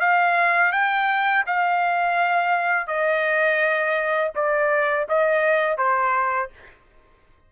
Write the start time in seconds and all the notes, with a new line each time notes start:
0.00 F5
0.72 G5
1.47 F5
2.88 D#5
4.35 D5
5.09 D#5
5.78 C5